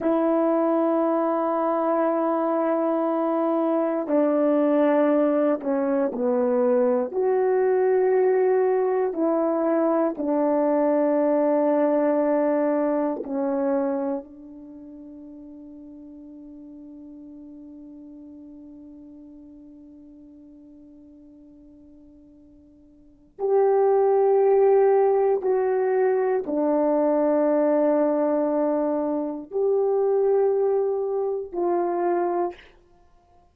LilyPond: \new Staff \with { instrumentName = "horn" } { \time 4/4 \tempo 4 = 59 e'1 | d'4. cis'8 b4 fis'4~ | fis'4 e'4 d'2~ | d'4 cis'4 d'2~ |
d'1~ | d'2. g'4~ | g'4 fis'4 d'2~ | d'4 g'2 f'4 | }